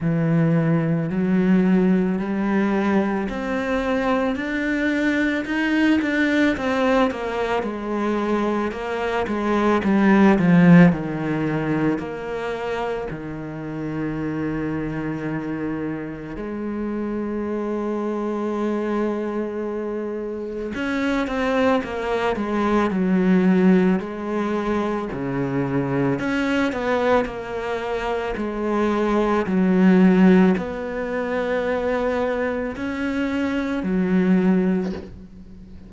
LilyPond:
\new Staff \with { instrumentName = "cello" } { \time 4/4 \tempo 4 = 55 e4 fis4 g4 c'4 | d'4 dis'8 d'8 c'8 ais8 gis4 | ais8 gis8 g8 f8 dis4 ais4 | dis2. gis4~ |
gis2. cis'8 c'8 | ais8 gis8 fis4 gis4 cis4 | cis'8 b8 ais4 gis4 fis4 | b2 cis'4 fis4 | }